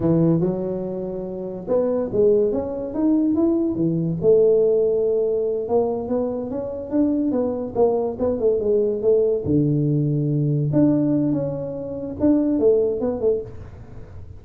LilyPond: \new Staff \with { instrumentName = "tuba" } { \time 4/4 \tempo 4 = 143 e4 fis2. | b4 gis4 cis'4 dis'4 | e'4 e4 a2~ | a4. ais4 b4 cis'8~ |
cis'8 d'4 b4 ais4 b8 | a8 gis4 a4 d4.~ | d4. d'4. cis'4~ | cis'4 d'4 a4 b8 a8 | }